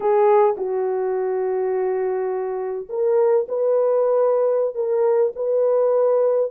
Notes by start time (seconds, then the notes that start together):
0.00 G#4
0.57 F#4
2.89 A#4
3.48 B4
4.74 A#4
5.35 B4